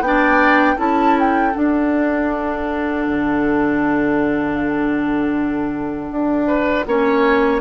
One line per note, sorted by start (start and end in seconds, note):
0.00 0.76 B3
0.00 0.77 D4
0.00 0.78 G5
0.07 0.75 D5
0.75 1.55 C#4
0.75 1.53 E4
0.75 6.45 A4
0.75 1.18 A5
1.19 1.56 G5
1.54 6.86 D4
1.54 3.07 D4
1.54 7.61 F#5
3.07 6.11 D3
6.11 6.86 D4
6.47 6.85 B4
6.86 7.61 A#3
6.86 7.61 C#4
6.86 7.61 C#5